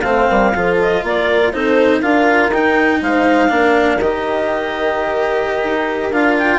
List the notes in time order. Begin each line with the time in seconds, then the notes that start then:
0.00 A3 C4 C5 F5
0.29 G3 A#4
0.54 F3 F4 A4
0.81 D#5
1.03 A#3 A#4 D5
1.53 C4 D#4 A4 C5
2.00 D4 F4 A#4 F5
2.49 D#4 G5
3.02 G#3 C5 F5
3.49 A#3 D4 A#4
4.00 D#3 G4 D#5
5.63 D#4
6.11 D4 F4 F5
6.37 G5